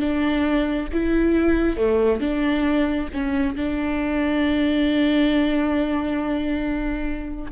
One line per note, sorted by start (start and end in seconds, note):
0.00 0.88 D4
0.93 1.77 E4
1.77 2.21 A3
2.21 3.09 D4
3.13 3.56 C#4
3.56 7.52 D4